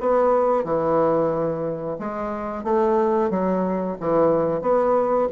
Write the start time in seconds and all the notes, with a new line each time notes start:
0.00 B3
0.64 E3
1.99 G#3
2.63 A3
3.30 F#3
4.00 E3
4.61 B3